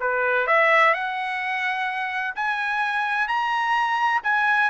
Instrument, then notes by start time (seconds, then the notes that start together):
trumpet
0.00 B4
0.47 E5
0.93 F#5
2.35 G#5
3.27 A#5
4.23 G#5